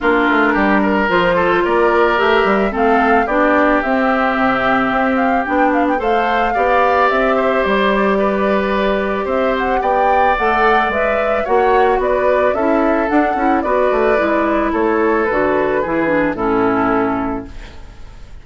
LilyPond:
<<
  \new Staff \with { instrumentName = "flute" } { \time 4/4 \tempo 4 = 110 ais'2 c''4 d''4 | e''4 f''4 d''4 e''4~ | e''4. f''8 g''8 f''16 g''16 f''4~ | f''4 e''4 d''2~ |
d''4 e''8 fis''8 g''4 fis''4 | e''4 fis''4 d''4 e''4 | fis''4 d''2 cis''4 | b'2 a'2 | }
  \new Staff \with { instrumentName = "oboe" } { \time 4/4 f'4 g'8 ais'4 a'8 ais'4~ | ais'4 a'4 g'2~ | g'2. c''4 | d''4. c''4. b'4~ |
b'4 c''4 d''2~ | d''4 cis''4 b'4 a'4~ | a'4 b'2 a'4~ | a'4 gis'4 e'2 | }
  \new Staff \with { instrumentName = "clarinet" } { \time 4/4 d'2 f'2 | g'4 c'4 d'4 c'4~ | c'2 d'4 a'4 | g'1~ |
g'2. a'4 | b'4 fis'2 e'4 | d'8 e'8 fis'4 e'2 | fis'4 e'8 d'8 cis'2 | }
  \new Staff \with { instrumentName = "bassoon" } { \time 4/4 ais8 a8 g4 f4 ais4 | a8 g8 a4 b4 c'4 | c4 c'4 b4 a4 | b4 c'4 g2~ |
g4 c'4 b4 a4 | gis4 ais4 b4 cis'4 | d'8 cis'8 b8 a8 gis4 a4 | d4 e4 a,2 | }
>>